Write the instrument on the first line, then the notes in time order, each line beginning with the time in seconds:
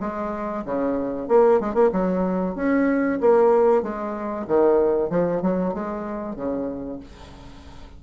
bassoon
0.00 G#3
0.65 C#3
1.28 A#3
1.60 G#3
1.74 A#3
1.92 F#3
2.55 C#4
3.21 A#3
3.82 G#3
4.47 D#3
5.10 F3
5.42 F#3
5.74 G#3
6.36 C#3